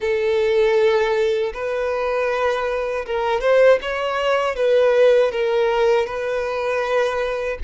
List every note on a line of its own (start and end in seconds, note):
0.00 1.52 A4
1.53 3.05 B4
3.06 3.40 A#4
3.40 3.78 C5
3.81 4.55 C#5
4.55 5.31 B4
5.31 6.06 A#4
6.06 7.58 B4